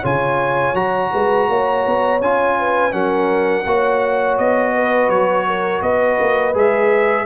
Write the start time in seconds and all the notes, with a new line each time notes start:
0.00 C#3 F4 C#5 G#5
0.73 F#3 F#4 A#5
1.12 G#3 B4
1.49 A#3 C#5
1.86 B3
2.21 C#4 F4 G#5
2.58 B4
2.91 F#3 C#4 A#4 F#5
3.66 A#3 F#4 C#5
4.38 B3 D#5
4.74 B4
5.09 F#3 C#5
5.47 A#4
5.81 B3 B4 D#5
6.20 A#3
6.54 G#3 G#4 E5